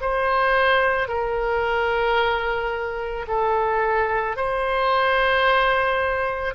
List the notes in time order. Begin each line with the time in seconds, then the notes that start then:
0.00 C5
1.08 A#4
3.27 A4
4.36 C5